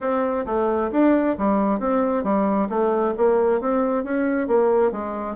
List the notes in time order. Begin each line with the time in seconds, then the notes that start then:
0.00 C4
0.46 A3
0.91 D4
1.38 G3
1.79 C4
2.23 G3
2.69 A3
3.17 A#3
3.60 C4
4.04 C#4
4.47 A#3
4.91 G#3